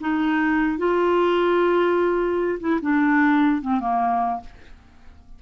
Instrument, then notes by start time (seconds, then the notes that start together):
clarinet
0.00 D#4
0.77 F4
2.59 E4
2.81 D4
3.61 C4
3.80 A#3